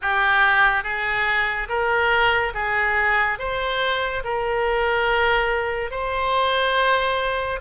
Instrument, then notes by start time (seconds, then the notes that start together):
oboe
0.01 G4
0.83 G#4
1.68 A#4
2.54 G#4
3.38 C5
4.24 A#4
5.90 C5